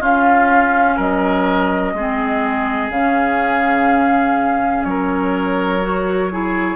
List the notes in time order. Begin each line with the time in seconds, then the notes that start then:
0.00 C#4 F4 F5
0.96 F#3 A#4 D#5
1.94 G#3 C4 G#4
2.89 C#3 C#4 F5
4.84 F#3 A#4 C#5
5.82 F#4
6.31 E4 G#4